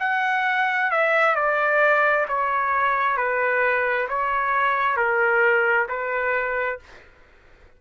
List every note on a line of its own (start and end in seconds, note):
0.00 0.91 F#5
0.91 1.35 E5
1.35 2.26 D5
2.28 3.17 C#5
3.17 4.08 B4
4.09 4.97 C#5
4.97 5.88 A#4
5.88 6.79 B4